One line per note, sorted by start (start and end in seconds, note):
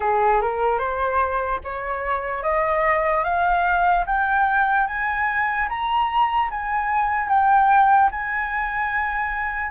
0.00 0.41 G#4
0.41 0.79 A#4
0.79 1.60 C5
1.64 2.43 C#5
2.43 3.24 D#5
3.24 4.05 F5
4.06 4.87 G5
4.87 5.68 G#5
5.68 6.49 A#5
6.50 7.28 G#5
7.28 8.09 G5
8.11 9.71 G#5